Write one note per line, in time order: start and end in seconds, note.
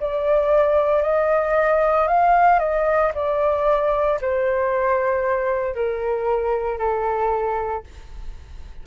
0.00 1.02 D5
1.02 2.08 D#5
2.08 2.59 F5
2.59 3.11 D#5
3.14 4.20 D5
4.21 5.75 C5
5.75 6.78 A#4
6.78 7.84 A4